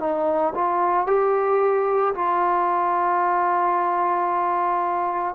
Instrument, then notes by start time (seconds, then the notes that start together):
trombone
0.00 D#4
0.55 F4
1.07 G4
2.15 F4